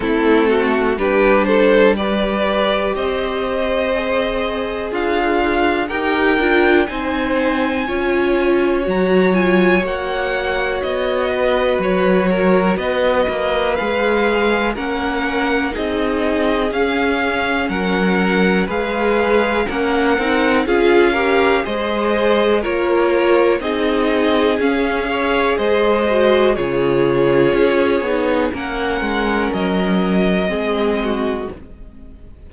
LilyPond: <<
  \new Staff \with { instrumentName = "violin" } { \time 4/4 \tempo 4 = 61 a'4 b'8 c''8 d''4 dis''4~ | dis''4 f''4 g''4 gis''4~ | gis''4 ais''8 gis''8 fis''4 dis''4 | cis''4 dis''4 f''4 fis''4 |
dis''4 f''4 fis''4 f''4 | fis''4 f''4 dis''4 cis''4 | dis''4 f''4 dis''4 cis''4~ | cis''4 fis''4 dis''2 | }
  \new Staff \with { instrumentName = "violin" } { \time 4/4 e'8 fis'8 g'8 a'8 b'4 c''4~ | c''4 f'4 ais'4 c''4 | cis''2.~ cis''8 b'8~ | b'8 ais'8 b'2 ais'4 |
gis'2 ais'4 b'4 | ais'4 gis'8 ais'8 c''4 ais'4 | gis'4. cis''8 c''4 gis'4~ | gis'4 ais'2 gis'8 fis'8 | }
  \new Staff \with { instrumentName = "viola" } { \time 4/4 c'4 d'4 g'2 | gis'2 g'8 f'8 dis'4 | f'4 fis'8 f'8 fis'2~ | fis'2 gis'4 cis'4 |
dis'4 cis'2 gis'4 | cis'8 dis'8 f'8 g'8 gis'4 f'4 | dis'4 cis'8 gis'4 fis'8 f'4~ | f'8 dis'8 cis'2 c'4 | }
  \new Staff \with { instrumentName = "cello" } { \time 4/4 a4 g2 c'4~ | c'4 d'4 dis'8 d'8 c'4 | cis'4 fis4 ais4 b4 | fis4 b8 ais8 gis4 ais4 |
c'4 cis'4 fis4 gis4 | ais8 c'8 cis'4 gis4 ais4 | c'4 cis'4 gis4 cis4 | cis'8 b8 ais8 gis8 fis4 gis4 | }
>>